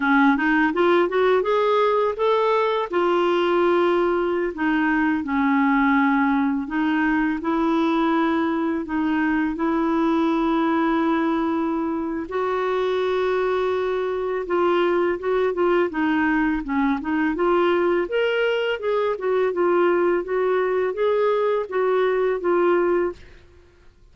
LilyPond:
\new Staff \with { instrumentName = "clarinet" } { \time 4/4 \tempo 4 = 83 cis'8 dis'8 f'8 fis'8 gis'4 a'4 | f'2~ f'16 dis'4 cis'8.~ | cis'4~ cis'16 dis'4 e'4.~ e'16~ | e'16 dis'4 e'2~ e'8.~ |
e'4 fis'2. | f'4 fis'8 f'8 dis'4 cis'8 dis'8 | f'4 ais'4 gis'8 fis'8 f'4 | fis'4 gis'4 fis'4 f'4 | }